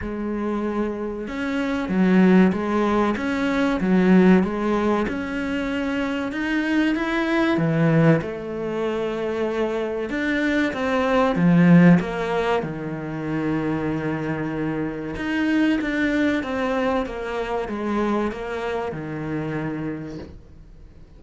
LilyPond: \new Staff \with { instrumentName = "cello" } { \time 4/4 \tempo 4 = 95 gis2 cis'4 fis4 | gis4 cis'4 fis4 gis4 | cis'2 dis'4 e'4 | e4 a2. |
d'4 c'4 f4 ais4 | dis1 | dis'4 d'4 c'4 ais4 | gis4 ais4 dis2 | }